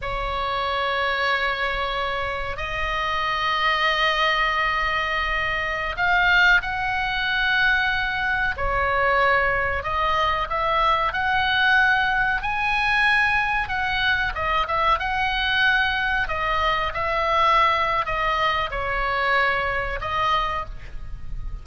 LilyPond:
\new Staff \with { instrumentName = "oboe" } { \time 4/4 \tempo 4 = 93 cis''1 | dis''1~ | dis''4~ dis''16 f''4 fis''4.~ fis''16~ | fis''4~ fis''16 cis''2 dis''8.~ |
dis''16 e''4 fis''2 gis''8.~ | gis''4~ gis''16 fis''4 dis''8 e''8 fis''8.~ | fis''4~ fis''16 dis''4 e''4.~ e''16 | dis''4 cis''2 dis''4 | }